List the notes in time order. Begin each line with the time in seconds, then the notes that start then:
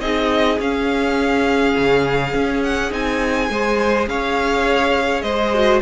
0.00 C4 D#4 G#4 D#5
0.59 C#4 F5
1.77 C#3
2.34 C#4
2.63 F#5
2.91 C4 D#4 G#5
3.49 G#3 G#4 C5
4.07 C#4 C#5 F5
5.22 G#3 C5 D#5
5.54 F#4